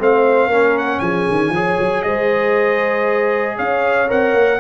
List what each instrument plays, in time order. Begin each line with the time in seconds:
0.00 tuba A3, trombone C4, horn C5, trumpet F5
0.48 tuba A#3, trombone C#4, horn A#4
0.79 trumpet F#5
1.00 tuba F3, horn G#4, trumpet G#5
1.30 tuba D#3
1.50 tuba F3, trombone G#4, horn C#5
1.79 tuba F#3
2.03 tuba G#3, horn C5, trumpet D#5
3.57 tuba C#4, horn C#5, trumpet F5
4.08 tuba C4, trombone A#4, trumpet F#5
4.34 tuba A#3